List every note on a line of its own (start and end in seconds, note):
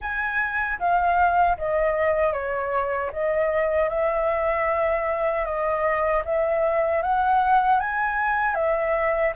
0.01 0.79 G#5
0.79 1.57 F5
1.57 2.32 D#5
2.32 3.10 C#5
3.12 3.89 D#5
3.89 5.45 E5
5.45 6.23 D#5
6.24 7.02 E5
7.02 7.80 F#5
7.80 8.54 G#5
8.54 9.32 E5